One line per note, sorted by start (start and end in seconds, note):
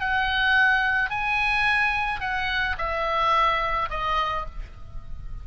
0.00 1.10 F#5
1.10 2.21 G#5
2.21 2.76 F#5
2.78 3.89 E5
3.90 4.46 D#5